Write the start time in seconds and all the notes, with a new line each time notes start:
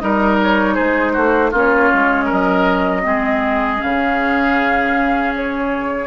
0.00 G3 D#4 A#4 D#5
0.43 C#5
0.75 G#3 G#4 C5
1.13 A3 F#4
1.52 A#3 C#4 F4
1.58 C#5
1.94 G#3
2.25 A#4
2.32 F#3 D#5
3.03 G#3 C4 G#4
3.78 C#3 C#4 F5
5.36 C#5